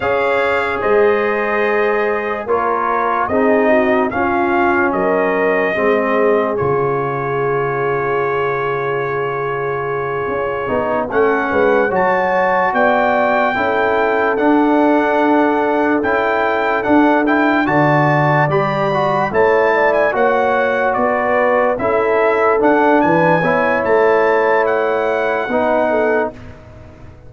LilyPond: <<
  \new Staff \with { instrumentName = "trumpet" } { \time 4/4 \tempo 4 = 73 f''4 dis''2 cis''4 | dis''4 f''4 dis''2 | cis''1~ | cis''4. fis''4 a''4 g''8~ |
g''4. fis''2 g''8~ | g''8 fis''8 g''8 a''4 b''4 a''8~ | a''16 gis''16 fis''4 d''4 e''4 fis''8 | gis''4 a''4 fis''2 | }
  \new Staff \with { instrumentName = "horn" } { \time 4/4 cis''4 c''2 ais'4 | gis'8 fis'8 f'4 ais'4 gis'4~ | gis'1~ | gis'4. a'8 b'8 cis''4 d''8~ |
d''8 a'2.~ a'8~ | a'4. d''2 cis''8 | d''8 cis''4 b'4 a'4. | b'8 cis''2~ cis''8 b'8 a'8 | }
  \new Staff \with { instrumentName = "trombone" } { \time 4/4 gis'2. f'4 | dis'4 cis'2 c'4 | f'1~ | f'4 dis'8 cis'4 fis'4.~ |
fis'8 e'4 d'2 e'8~ | e'8 d'8 e'8 fis'4 g'8 fis'8 e'8~ | e'8 fis'2 e'4 d'8~ | d'8 e'2~ e'8 dis'4 | }
  \new Staff \with { instrumentName = "tuba" } { \time 4/4 cis'4 gis2 ais4 | c'4 cis'4 fis4 gis4 | cis1~ | cis8 cis'8 b8 a8 gis8 fis4 b8~ |
b8 cis'4 d'2 cis'8~ | cis'8 d'4 d4 g4 a8~ | a8 ais4 b4 cis'4 d'8 | e8 b8 a2 b4 | }
>>